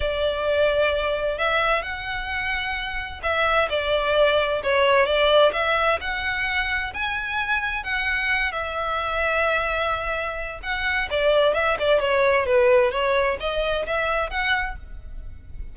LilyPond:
\new Staff \with { instrumentName = "violin" } { \time 4/4 \tempo 4 = 130 d''2. e''4 | fis''2. e''4 | d''2 cis''4 d''4 | e''4 fis''2 gis''4~ |
gis''4 fis''4. e''4.~ | e''2. fis''4 | d''4 e''8 d''8 cis''4 b'4 | cis''4 dis''4 e''4 fis''4 | }